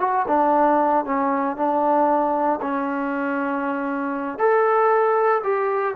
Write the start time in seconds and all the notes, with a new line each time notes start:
0.00 F#4
0.28 D4
1.05 C#4
1.57 D4
2.61 C#4
4.39 A4
5.44 G4